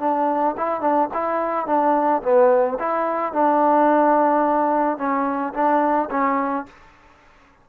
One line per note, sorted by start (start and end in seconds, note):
0.00 0.56 D4
0.58 0.82 E4
0.82 1.09 D4
1.14 1.67 E4
1.67 2.22 D4
2.23 2.78 B3
2.80 3.33 E4
3.33 4.98 D4
4.98 5.54 C#4
5.54 6.10 D4
6.11 6.66 C#4